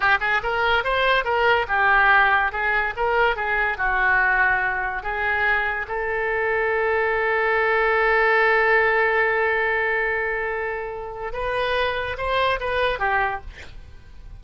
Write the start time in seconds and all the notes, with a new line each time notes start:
0.00 G4
0.20 G#4
0.42 A#4
0.84 C5
1.24 A#4
1.68 G4
2.52 G#4
2.96 A#4
3.36 G#4
3.77 F#4
5.02 G#4
5.88 A4
11.32 B4
12.17 C5
12.60 B4
12.99 G4